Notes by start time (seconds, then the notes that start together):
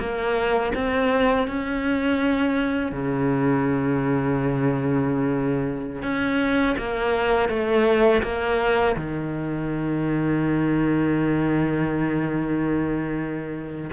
0.00 A#3
0.75 C4
1.48 C#4
2.92 C#3
6.03 C#4
6.78 A#3
7.49 A3
8.23 A#3
8.97 D#3